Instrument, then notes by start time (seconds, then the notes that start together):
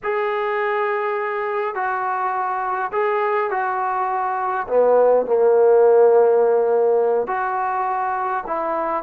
trombone
0.03 G#4
1.74 F#4
2.92 G#4
3.50 F#4
4.67 B3
5.26 A#3
7.27 F#4
8.46 E4